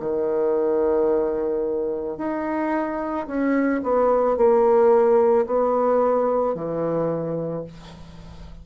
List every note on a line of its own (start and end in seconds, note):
0.00 2.18 D#3
2.18 3.27 D#4
3.27 3.82 C#4
3.83 4.37 B3
4.37 5.46 A#3
5.46 6.55 B3
6.55 7.64 E3